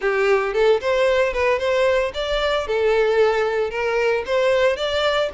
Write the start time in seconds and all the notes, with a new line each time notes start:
0.01 G4
0.53 A4
0.80 C5
1.33 B4
1.58 C5
2.14 D5
2.67 A4
3.70 A#4
4.26 C5
4.76 D5